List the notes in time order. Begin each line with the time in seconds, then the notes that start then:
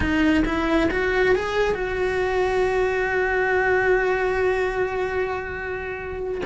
0.00 D#4
0.45 E4
0.91 F#4
1.35 G#4
1.74 F#4